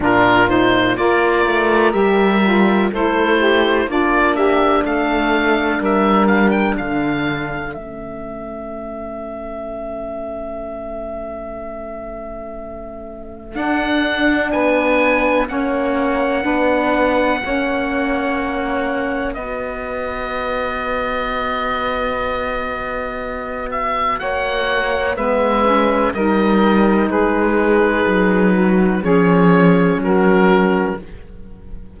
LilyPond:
<<
  \new Staff \with { instrumentName = "oboe" } { \time 4/4 \tempo 4 = 62 ais'8 c''8 d''4 e''4 c''4 | d''8 e''8 f''4 e''8 f''16 g''16 f''4 | e''1~ | e''2 fis''4 gis''4 |
fis''1 | dis''1~ | dis''8 e''8 fis''4 e''4 dis''4 | b'2 cis''4 ais'4 | }
  \new Staff \with { instrumentName = "saxophone" } { \time 4/4 f'4 ais'2 a'8 g'8 | f'8 g'8 a'4 ais'4 a'4~ | a'1~ | a'2. b'4 |
cis''4 b'4 cis''2 | b'1~ | b'4 cis''4 b'4 ais'4 | gis'4. fis'8 gis'4 fis'4 | }
  \new Staff \with { instrumentName = "saxophone" } { \time 4/4 d'8 dis'8 f'4 g'8 f'8 e'4 | d'1 | cis'1~ | cis'2 d'2 |
cis'4 d'4 cis'2 | fis'1~ | fis'2 b8 cis'8 dis'4~ | dis'2 cis'2 | }
  \new Staff \with { instrumentName = "cello" } { \time 4/4 ais,4 ais8 a8 g4 a4 | ais4 a4 g4 d4 | a1~ | a2 d'4 b4 |
ais4 b4 ais2 | b1~ | b4 ais4 gis4 g4 | gis4 fis4 f4 fis4 | }
>>